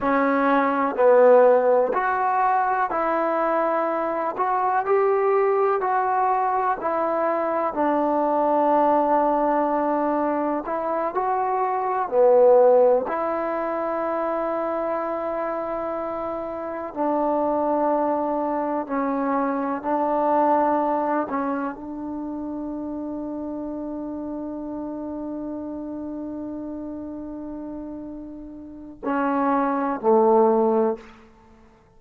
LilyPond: \new Staff \with { instrumentName = "trombone" } { \time 4/4 \tempo 4 = 62 cis'4 b4 fis'4 e'4~ | e'8 fis'8 g'4 fis'4 e'4 | d'2. e'8 fis'8~ | fis'8 b4 e'2~ e'8~ |
e'4. d'2 cis'8~ | cis'8 d'4. cis'8 d'4.~ | d'1~ | d'2 cis'4 a4 | }